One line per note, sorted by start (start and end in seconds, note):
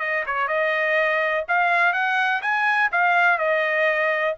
0.00 0.24 D#5
0.26 0.48 C#5
0.48 1.45 D#5
1.49 1.93 F5
1.93 2.42 F#5
2.42 2.91 G#5
2.92 3.39 F5
3.39 4.35 D#5